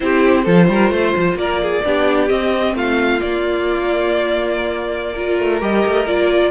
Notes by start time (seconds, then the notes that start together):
0.00 C4 E4 G4 C5
0.43 F3 F4 A4
0.68 G3 A#4
0.90 A3 C5
1.16 F3
1.34 A#3 A#4 D5
1.62 G#4
1.84 B3 D4 G4
2.28 C4 D#5
2.74 A3 F4 F5
3.20 A#3 D5
5.13 F4 A#4
5.38 A3
5.59 G3 G4 D#5
5.85 A3
6.06 A#3 F4 D5